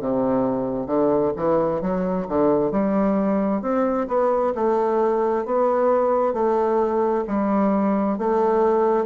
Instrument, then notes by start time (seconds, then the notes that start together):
bassoon
0.00 C3
0.87 D3
1.36 E3
1.81 F#3
2.29 D3
2.71 G3
3.62 C4
4.08 B3
4.55 A3
5.45 B3
6.33 A3
7.27 G3
8.18 A3